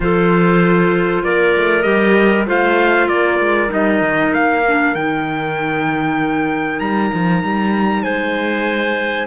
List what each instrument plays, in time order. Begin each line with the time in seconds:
0.00 cello F3, clarinet F4 A4, trumpet C5
1.24 cello A#3, clarinet A#4, trumpet D5
1.56 cello A3
1.82 cello G3, clarinet G4, trumpet D#5
2.45 cello A3, clarinet F4 C5, trumpet F5
3.08 cello A#3, clarinet A#4, trumpet D5
3.39 cello G#3
3.68 cello G3, clarinet D#4, trumpet D#5
4.01 cello D#3
4.33 cello A#3, trumpet F5
4.68 clarinet D4
4.94 cello D#3, clarinet D#4, trumpet G5
6.79 cello G3, trumpet A#5
7.14 cello F3
7.42 cello G3
8.02 cello G#3, clarinet C5, trumpet G#5